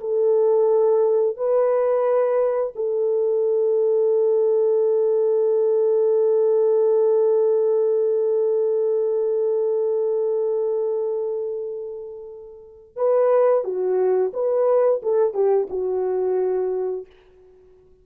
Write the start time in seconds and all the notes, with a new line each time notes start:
0.00 A4
1.36 B4
2.76 A4
12.96 B4
13.64 F#4
14.33 B4
15.02 A4
15.34 G4
15.70 F#4